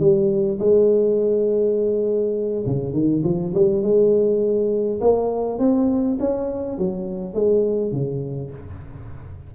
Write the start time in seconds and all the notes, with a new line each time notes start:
0.00 G3
0.60 G#3
2.67 C#3
2.93 D#3
3.24 F3
3.55 G3
3.83 G#3
5.01 A#3
5.59 C4
6.20 C#4
6.78 F#3
7.34 G#3
7.92 C#3